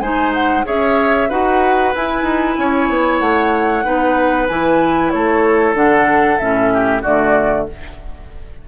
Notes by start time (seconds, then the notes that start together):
0.00 G#3 D#4 C5 G#5
0.34 F#5
0.64 C#4 G#4 C#5 E5
1.29 D#4 F#4 B4 F#5
1.95 E4 G#5
2.22 D#4
2.58 C#4 C#5
2.89 B3
3.19 A3 F#5
3.84 B3 D#4 B4
4.48 E3 E4 G#5
5.10 A3 A4 C#5
5.74 D3 D4 F#5
6.38 A2 C#4 E5
6.73 G4
7.02 D3 A3 F#4 D5